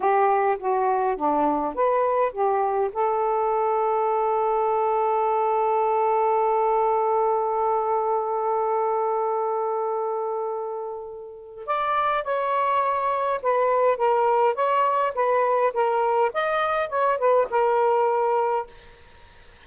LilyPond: \new Staff \with { instrumentName = "saxophone" } { \time 4/4 \tempo 4 = 103 g'4 fis'4 d'4 b'4 | g'4 a'2.~ | a'1~ | a'1~ |
a'1 | d''4 cis''2 b'4 | ais'4 cis''4 b'4 ais'4 | dis''4 cis''8 b'8 ais'2 | }